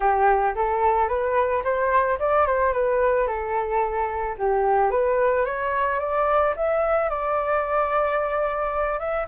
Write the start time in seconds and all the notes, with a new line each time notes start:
0.00 G4
0.55 A4
1.08 B4
1.64 C5
2.19 D5
2.46 C5
2.72 B4
3.27 A4
4.38 G4
4.91 B4
5.45 C#5
5.99 D5
6.56 E5
7.09 D5
8.99 E5